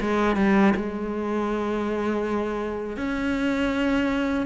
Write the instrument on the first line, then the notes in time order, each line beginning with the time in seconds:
cello
0.00 G#3
0.35 G3
0.76 G#3
2.97 C#4